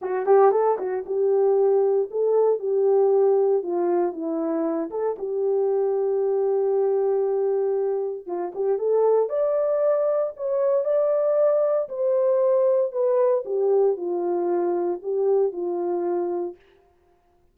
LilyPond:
\new Staff \with { instrumentName = "horn" } { \time 4/4 \tempo 4 = 116 fis'8 g'8 a'8 fis'8 g'2 | a'4 g'2 f'4 | e'4. a'8 g'2~ | g'1 |
f'8 g'8 a'4 d''2 | cis''4 d''2 c''4~ | c''4 b'4 g'4 f'4~ | f'4 g'4 f'2 | }